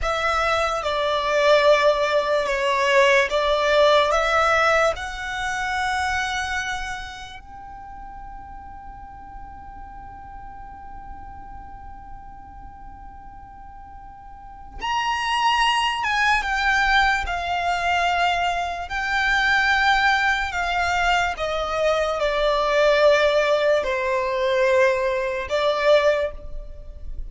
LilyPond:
\new Staff \with { instrumentName = "violin" } { \time 4/4 \tempo 4 = 73 e''4 d''2 cis''4 | d''4 e''4 fis''2~ | fis''4 g''2.~ | g''1~ |
g''2 ais''4. gis''8 | g''4 f''2 g''4~ | g''4 f''4 dis''4 d''4~ | d''4 c''2 d''4 | }